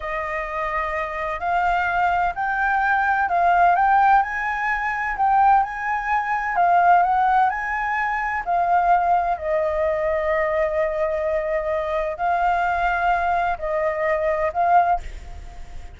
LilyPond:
\new Staff \with { instrumentName = "flute" } { \time 4/4 \tempo 4 = 128 dis''2. f''4~ | f''4 g''2 f''4 | g''4 gis''2 g''4 | gis''2 f''4 fis''4 |
gis''2 f''2 | dis''1~ | dis''2 f''2~ | f''4 dis''2 f''4 | }